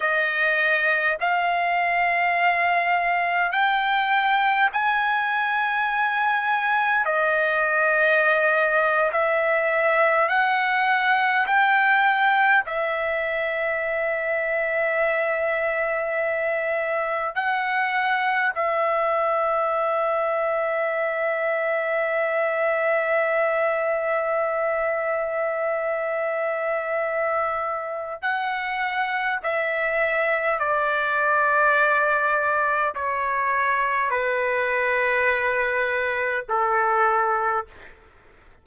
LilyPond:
\new Staff \with { instrumentName = "trumpet" } { \time 4/4 \tempo 4 = 51 dis''4 f''2 g''4 | gis''2 dis''4.~ dis''16 e''16~ | e''8. fis''4 g''4 e''4~ e''16~ | e''2~ e''8. fis''4 e''16~ |
e''1~ | e''1 | fis''4 e''4 d''2 | cis''4 b'2 a'4 | }